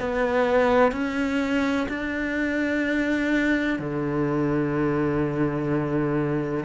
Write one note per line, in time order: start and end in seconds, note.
0.00 0.92 B3
0.92 1.87 C#4
1.88 3.79 D4
3.79 6.65 D3